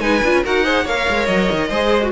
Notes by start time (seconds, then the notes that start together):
0.00 G#3 D#4 B4 G#5
0.23 D4 F4
0.32 C#4
0.44 D#4 F#4 A#4 F#5
0.64 G#4 C5
0.84 A#3 A#4 C#5 F5
1.09 G#3
1.26 F#3 D#5
1.51 D#3
1.68 G#3 G#4 C5
2.02 F#4